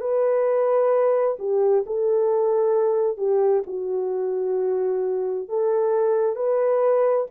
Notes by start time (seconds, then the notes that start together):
0.00 B4
1.38 G4
1.86 A4
3.17 G4
3.66 F#4
5.48 A4
6.35 B4